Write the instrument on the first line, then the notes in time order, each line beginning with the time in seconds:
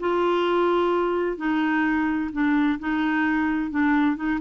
clarinet
0.00 F4
1.37 D#4
2.32 D4
2.80 D#4
3.71 D4
4.16 D#4